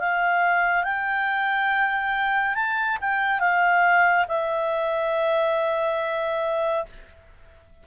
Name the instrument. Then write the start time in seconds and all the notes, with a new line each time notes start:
clarinet
0.00 F5
0.84 G5
2.55 A5
3.02 G5
3.40 F5
4.29 E5